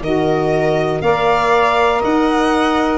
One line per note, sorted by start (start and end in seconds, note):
0.00 1.00 D#3
0.00 1.02 F#4
0.00 1.03 A#4
0.00 1.01 D#5
1.01 2.01 A#3
1.01 2.98 A#4
1.01 1.99 D5
1.01 2.01 F5
1.99 2.98 D#4
1.99 2.98 D#5
1.99 2.98 F#5